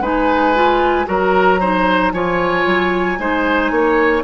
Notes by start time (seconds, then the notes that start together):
0.00 G#3 D#4 B4 G#5
0.55 F4
1.05 F#3 F#4 A#4 A#5
1.60 D#4 C5
2.12 F3 F4 C#5 G#5
2.66 F#3
3.18 G#3 D#4 C5
3.71 A#3 C#5